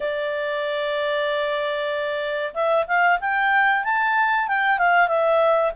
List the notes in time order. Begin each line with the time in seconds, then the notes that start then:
0.00 D5
2.54 E5
2.87 F5
3.20 G5
3.84 A5
4.48 G5
4.78 F5
5.07 E5